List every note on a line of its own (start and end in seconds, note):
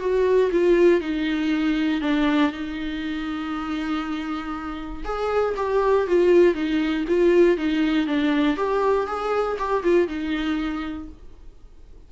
0.00 0.50 F#4
0.52 1.01 F4
1.01 2.01 D#4
2.01 2.51 D4
2.51 5.04 D#4
5.04 5.55 G#4
5.57 6.07 G4
6.07 6.54 F4
6.54 7.05 D#4
7.08 7.57 F4
7.57 8.07 D#4
8.07 8.57 D4
8.57 9.07 G4
9.07 9.57 G#4
9.59 9.83 G4
9.83 10.08 F4
10.08 11.09 D#4